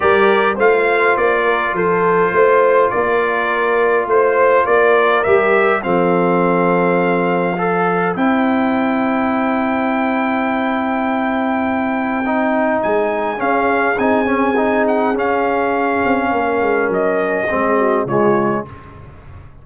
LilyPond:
<<
  \new Staff \with { instrumentName = "trumpet" } { \time 4/4 \tempo 4 = 103 d''4 f''4 d''4 c''4~ | c''4 d''2 c''4 | d''4 e''4 f''2~ | f''2 g''2~ |
g''1~ | g''2 gis''4 f''4 | gis''4. fis''8 f''2~ | f''4 dis''2 cis''4 | }
  \new Staff \with { instrumentName = "horn" } { \time 4/4 ais'4 c''4. ais'8 a'4 | c''4 ais'2 c''4 | ais'2 a'2~ | a'4 c''2.~ |
c''1~ | c''2. gis'4~ | gis'1 | ais'2 gis'8 fis'8 f'4 | }
  \new Staff \with { instrumentName = "trombone" } { \time 4/4 g'4 f'2.~ | f'1~ | f'4 g'4 c'2~ | c'4 a'4 e'2~ |
e'1~ | e'4 dis'2 cis'4 | dis'8 cis'8 dis'4 cis'2~ | cis'2 c'4 gis4 | }
  \new Staff \with { instrumentName = "tuba" } { \time 4/4 g4 a4 ais4 f4 | a4 ais2 a4 | ais4 g4 f2~ | f2 c'2~ |
c'1~ | c'2 gis4 cis'4 | c'2 cis'4. c'8 | ais8 gis8 fis4 gis4 cis4 | }
>>